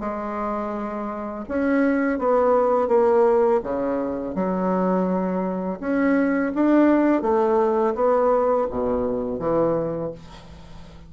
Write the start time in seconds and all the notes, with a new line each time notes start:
0.00 G#3
1.49 C#4
2.19 B3
2.88 A#3
3.63 C#3
4.35 F#3
5.80 C#4
6.55 D4
7.22 A3
7.95 B3
8.70 B2
9.39 E3